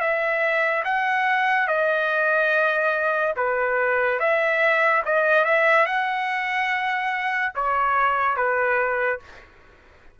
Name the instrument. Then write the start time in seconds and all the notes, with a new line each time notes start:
trumpet
0.00 E5
0.84 F#5
1.67 D#5
3.36 B4
4.19 E5
5.05 D#5
5.45 E5
5.86 F#5
7.55 C#5
8.36 B4